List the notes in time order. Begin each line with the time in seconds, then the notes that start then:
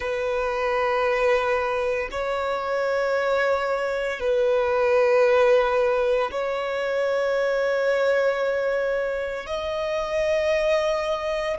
0.00 B4
2.11 C#5
4.20 B4
6.31 C#5
9.46 D#5